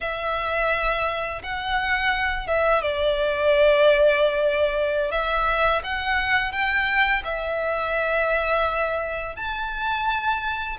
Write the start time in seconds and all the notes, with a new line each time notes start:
0.01 E5
1.42 F#5
2.47 E5
2.82 D5
5.11 E5
5.83 F#5
6.52 G5
7.24 E5
9.36 A5